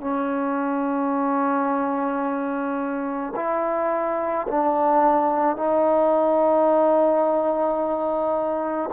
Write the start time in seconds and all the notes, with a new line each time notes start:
0.00 C#4
3.35 E4
4.47 D4
5.56 D#4